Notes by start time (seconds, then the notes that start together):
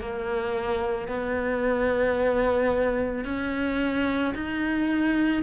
0.00 A#3
1.08 B3
3.24 C#4
4.34 D#4